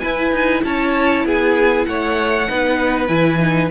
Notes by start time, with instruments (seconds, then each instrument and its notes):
0.00 viola E4, cello E4, violin B4 G#5
0.32 cello D#4
0.65 cello C#4, violin C#5 A5
1.25 cello B3, violin G#4 G#5
1.86 cello A3, violin C#5 F#5
2.49 cello B3, viola D#4, violin B4
3.08 cello E3, viola E4, violin G#5
3.39 viola D#4